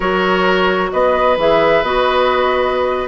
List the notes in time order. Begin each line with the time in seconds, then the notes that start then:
0.00 F#3 F#4 A#4 C#5
0.92 B3 B4 D#5
1.37 E3 G#4 E5
1.83 B3 F#4 D#5